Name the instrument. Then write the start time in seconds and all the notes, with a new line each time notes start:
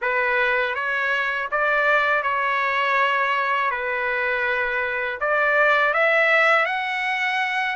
trumpet
0.01 B4
0.74 C#5
1.51 D5
2.22 C#5
3.70 B4
5.20 D5
5.93 E5
6.65 F#5